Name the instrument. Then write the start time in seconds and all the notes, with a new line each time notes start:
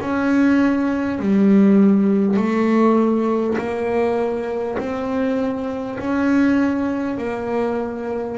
double bass
0.00 C#4
1.19 G3
2.37 A3
3.57 A#3
4.78 C4
5.99 C#4
7.17 A#3